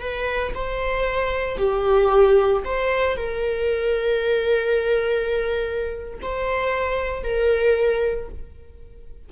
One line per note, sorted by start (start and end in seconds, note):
0.00 0.53 B4
0.54 1.57 C5
1.57 2.62 G4
2.64 3.16 C5
3.16 6.19 A#4
6.21 7.23 C5
7.23 8.28 A#4